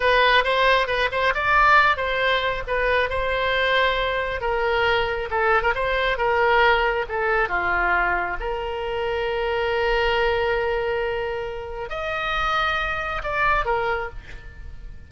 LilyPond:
\new Staff \with { instrumentName = "oboe" } { \time 4/4 \tempo 4 = 136 b'4 c''4 b'8 c''8 d''4~ | d''8 c''4. b'4 c''4~ | c''2 ais'2 | a'8. ais'16 c''4 ais'2 |
a'4 f'2 ais'4~ | ais'1~ | ais'2. dis''4~ | dis''2 d''4 ais'4 | }